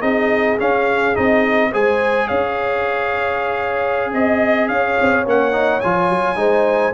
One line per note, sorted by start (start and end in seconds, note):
0.00 0.58 C4
0.00 0.58 D#4
0.00 1.70 G#4
0.00 0.58 D#5
0.58 1.14 C#4
0.58 1.17 C#4
0.58 1.16 F5
1.14 1.73 C4
1.14 1.71 D#4
1.14 1.73 D#5
1.72 2.30 G#3
1.72 5.26 G#4
1.72 2.27 C5
1.72 2.28 G#5
2.27 4.14 C#4
2.27 4.11 C#5
2.27 4.12 F5
4.14 4.69 C4
4.14 4.68 D#5
4.14 4.69 D#5
4.68 4.97 C#4
4.68 6.39 C#5
4.68 5.25 F5
5.01 5.26 C4
5.26 5.82 A#3
5.26 5.52 C#4
5.26 5.81 F#5
5.52 5.80 D#4
5.81 6.10 F3
5.81 6.36 F4
5.81 6.94 G#5
6.10 6.36 F#3
6.36 6.93 G#3
6.36 6.92 D#4
6.36 6.94 C5